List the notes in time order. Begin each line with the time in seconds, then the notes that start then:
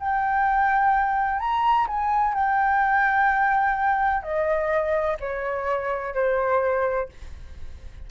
0.00 G5
1.40 A#5
1.87 G#5
2.35 G5
4.23 D#5
5.21 C#5
6.15 C5